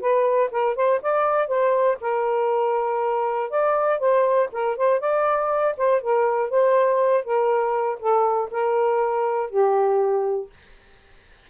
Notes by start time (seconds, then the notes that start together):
0.00 B4
0.51 A#4
0.75 C5
1.02 D5
1.47 C5
2.00 A#4
3.50 D5
3.99 C5
4.52 A#4
4.76 C5
5.00 D5
5.77 C5
6.01 A#4
6.50 C5
7.24 A#4
7.99 A4
8.50 A#4
9.50 G4